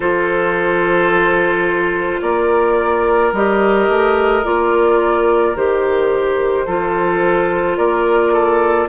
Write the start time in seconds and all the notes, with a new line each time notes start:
0.00 F3 F4 A4 C5
2.21 A#3 A#4 D5
3.32 G3 G4 D#5
3.88 A3
4.43 A#3 F4 D5
5.55 D#3 G4 C5
6.66 F3 F4 A4
7.77 A#3 A#4 D5
8.32 A4